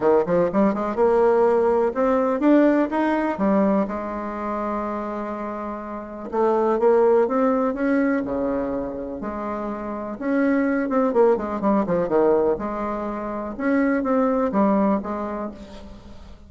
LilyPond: \new Staff \with { instrumentName = "bassoon" } { \time 4/4 \tempo 4 = 124 dis8 f8 g8 gis8 ais2 | c'4 d'4 dis'4 g4 | gis1~ | gis4 a4 ais4 c'4 |
cis'4 cis2 gis4~ | gis4 cis'4. c'8 ais8 gis8 | g8 f8 dis4 gis2 | cis'4 c'4 g4 gis4 | }